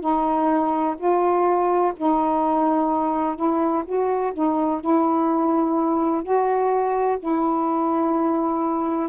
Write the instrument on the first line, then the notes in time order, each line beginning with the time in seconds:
saxophone
0.00 D#4
0.97 F4
1.97 D#4
3.35 E4
3.85 F#4
4.33 D#4
4.81 E4
6.23 F#4
7.19 E4